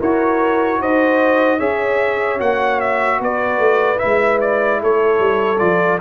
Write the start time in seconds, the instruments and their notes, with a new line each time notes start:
0.00 tuba E4, trombone F#4, horn A#4, trumpet C#5
0.80 tuba D#4, horn C5, trumpet D#5
1.59 tuba C#4, trombone G#4, horn C#5, trumpet E5
2.39 tuba A#3, trombone F#4, trumpet F#5
2.81 trumpet E5
3.20 tuba B3, horn B4, trumpet D5
3.59 tuba A3
3.96 trombone E4, trumpet E5
4.05 tuba G#3
4.41 trumpet D5
4.82 tuba A3, horn A4, trumpet C#5
5.20 tuba G3
5.59 tuba F3, trombone F4, trumpet D5